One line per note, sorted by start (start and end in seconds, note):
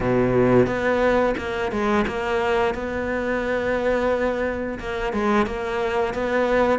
0.00 0.66 B2
0.66 1.35 B3
1.37 1.71 A#3
1.71 2.05 G#3
2.07 2.74 A#3
2.74 4.79 B3
4.79 5.13 A#3
5.13 5.46 G#3
5.46 6.14 A#3
6.14 6.79 B3